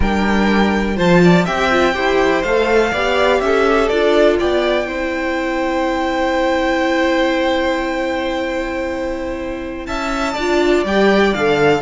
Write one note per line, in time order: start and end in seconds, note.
0.00 0.97 G3
0.00 0.96 D4
0.00 0.96 A#4
0.00 0.98 G5
0.96 1.46 F3
0.96 1.45 F4
0.96 1.20 C5
0.96 1.46 A5
1.23 1.45 D5
1.45 1.96 C4
1.45 1.70 G4
1.45 1.93 E5
1.45 2.42 G5
1.70 1.93 F4
1.93 2.43 E4
1.93 2.42 G4
1.93 2.91 C5
2.42 2.91 A3
2.42 2.95 A4
2.42 3.40 F5
2.91 3.41 B3
2.91 3.92 G4
2.91 3.39 D5
3.40 3.89 C#4
3.40 4.38 A4
3.40 3.88 E5
3.88 4.39 D4
3.88 4.85 F4
3.88 4.36 D5
4.38 4.88 B3
4.38 4.87 D5
4.38 9.86 G5
4.85 9.86 C4
4.85 10.34 E4
4.85 9.87 C5
9.86 10.35 C#4
9.86 10.33 E5
9.86 10.83 A5
10.33 10.84 D4
10.33 11.79 D5
10.39 10.85 F4
10.84 11.33 G3
10.84 11.34 G4
10.84 11.34 G5
11.34 11.81 D3
11.34 11.81 A4
11.34 11.81 F5